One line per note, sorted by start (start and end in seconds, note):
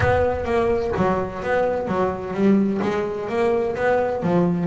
0.00 0.45 B3
0.45 0.91 A#3
0.97 1.42 F#3
1.42 1.87 B3
1.87 2.33 F#3
2.33 2.80 G3
2.82 3.28 G#3
3.28 3.75 A#3
3.76 4.23 B3
4.23 4.66 F3